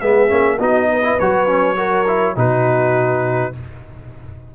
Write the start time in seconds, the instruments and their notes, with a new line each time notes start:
0.00 tuba G#3, trombone B3, horn G#4, trumpet E5
0.29 tuba A#3, trombone C#4
0.58 tuba B3, trombone D#4, horn F#4, trumpet D#5
0.92 horn B4
1.02 trombone E4
1.19 tuba F#3, trombone F#4, trumpet C#5
1.47 trombone C#4
1.76 trombone F#4, horn A#4
2.07 trombone E4
2.36 tuba B2, trombone D#4, horn F#4, trumpet B4